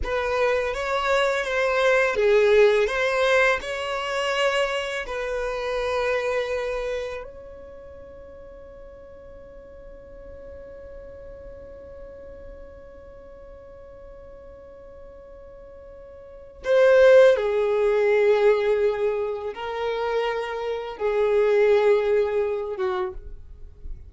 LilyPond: \new Staff \with { instrumentName = "violin" } { \time 4/4 \tempo 4 = 83 b'4 cis''4 c''4 gis'4 | c''4 cis''2 b'4~ | b'2 cis''2~ | cis''1~ |
cis''1~ | cis''2. c''4 | gis'2. ais'4~ | ais'4 gis'2~ gis'8 fis'8 | }